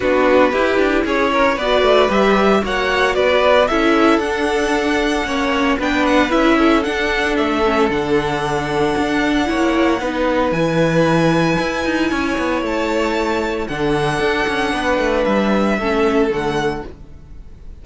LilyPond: <<
  \new Staff \with { instrumentName = "violin" } { \time 4/4 \tempo 4 = 114 b'2 cis''4 d''4 | e''4 fis''4 d''4 e''4 | fis''2. g''8 fis''8 | e''4 fis''4 e''4 fis''4~ |
fis''1 | gis''1 | a''2 fis''2~ | fis''4 e''2 fis''4 | }
  \new Staff \with { instrumentName = "violin" } { \time 4/4 fis'4 g'4 gis'8 ais'8 b'4~ | b'4 cis''4 b'4 a'4~ | a'2 cis''4 b'4~ | b'8 a'2.~ a'8~ |
a'2 cis''4 b'4~ | b'2. cis''4~ | cis''2 a'2 | b'2 a'2 | }
  \new Staff \with { instrumentName = "viola" } { \time 4/4 d'4 e'2 fis'4 | g'4 fis'2 e'4 | d'2 cis'4 d'4 | e'4 d'4. cis'8 d'4~ |
d'2 e'4 dis'4 | e'1~ | e'2 d'2~ | d'2 cis'4 a4 | }
  \new Staff \with { instrumentName = "cello" } { \time 4/4 b4 e'8 d'8 cis'4 b8 a8 | g4 ais4 b4 cis'4 | d'2 ais4 b4 | cis'4 d'4 a4 d4~ |
d4 d'4 ais4 b4 | e2 e'8 dis'8 cis'8 b8 | a2 d4 d'8 cis'8 | b8 a8 g4 a4 d4 | }
>>